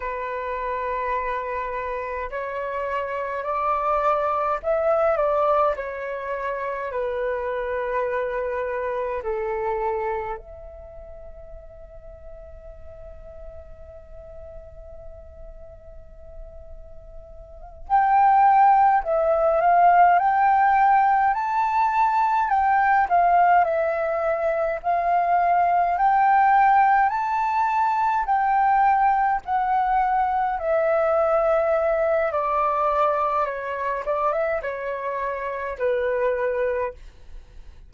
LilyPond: \new Staff \with { instrumentName = "flute" } { \time 4/4 \tempo 4 = 52 b'2 cis''4 d''4 | e''8 d''8 cis''4 b'2 | a'4 e''2.~ | e''2.~ e''8 g''8~ |
g''8 e''8 f''8 g''4 a''4 g''8 | f''8 e''4 f''4 g''4 a''8~ | a''8 g''4 fis''4 e''4. | d''4 cis''8 d''16 e''16 cis''4 b'4 | }